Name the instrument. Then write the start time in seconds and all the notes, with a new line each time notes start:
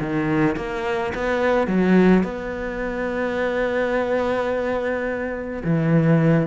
cello
0.00 D#3
0.56 A#3
1.14 B3
1.67 F#3
2.23 B3
5.64 E3